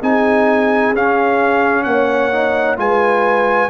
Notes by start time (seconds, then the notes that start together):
0.00 C4 D#4 G#4 G#5
0.92 C#4 F5
1.83 A#3 C#5 F#5
2.32 D#4
2.76 G#3 F4 B4 G#5